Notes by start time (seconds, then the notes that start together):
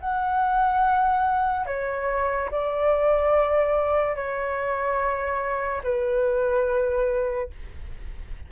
0.00 F#5
1.66 C#5
2.51 D5
4.15 C#5
5.83 B4